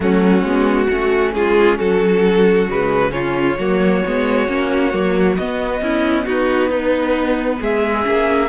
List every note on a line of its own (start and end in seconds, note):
0.00 0.43 F#3
0.00 0.43 A3
0.00 0.87 C#4
0.00 1.33 F#4
0.43 0.87 G#3
0.43 0.90 B3
0.87 1.34 A3
0.87 2.69 C#4
0.87 1.31 F#4
1.33 1.79 G#3
1.33 1.77 F4
1.33 1.78 G#4
1.77 2.68 F#3
1.77 3.11 F#4
1.77 2.68 A4
2.68 3.57 C#3
2.68 3.10 G#3
2.68 3.11 B4
3.10 3.55 C#4
3.10 3.57 F4
3.10 5.35 C#5
3.57 4.02 F#3
3.57 4.04 A#3
3.57 5.81 F#4
4.05 4.48 G#3
4.05 4.47 B3
4.47 4.93 A#3
4.47 4.92 C#4
4.92 5.38 F#3
4.92 5.36 A#3
5.35 5.81 B3
5.35 8.03 B3
5.35 6.25 D#5
5.81 6.26 C#4
5.81 6.25 E4
6.25 6.69 D#4
6.25 6.70 F#4
6.25 7.63 B4
6.69 7.59 B3
6.69 7.59 D#4
7.60 8.06 G#3
7.60 8.49 G#4
7.60 8.49 E5
8.03 8.49 A#3
8.03 8.48 C#4